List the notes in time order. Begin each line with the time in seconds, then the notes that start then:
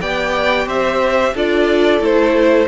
0.00 B3 G4 D5 G5
0.66 C4 C5 E5
1.34 D4 F4 A4 D5
2.00 A3 E4 C5